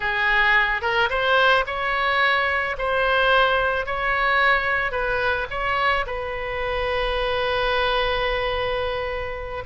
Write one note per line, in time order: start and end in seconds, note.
0.00 0.81 G#4
0.81 1.09 A#4
1.09 1.64 C5
1.66 2.76 C#5
2.77 3.86 C5
3.86 4.91 C#5
4.91 5.46 B4
5.50 6.05 C#5
6.06 9.64 B4